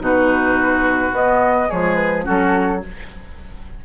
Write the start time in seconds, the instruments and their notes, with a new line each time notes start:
0.00 bassoon B2, clarinet D#4, oboe F#4, flute B4
1.12 bassoon B3, clarinet B3, flute D#5
1.69 bassoon F3, clarinet G#3, oboe G#4, flute C#5
1.95 flute B4
2.24 bassoon F#3, clarinet C#4, oboe F#4, flute A4